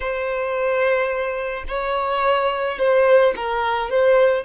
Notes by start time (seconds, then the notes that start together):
0.00 C5
1.67 C#5
2.78 C5
3.35 A#4
3.89 C5